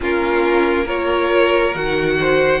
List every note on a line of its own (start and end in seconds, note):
0.00 1.75 A#3
0.00 0.87 C#4
0.00 0.84 F4
0.00 0.88 A#4
0.84 1.74 F4
0.84 2.15 A#4
0.84 1.75 C#5
1.75 2.60 D#3
1.75 2.60 F#4
1.75 2.60 F#5
2.20 2.60 C5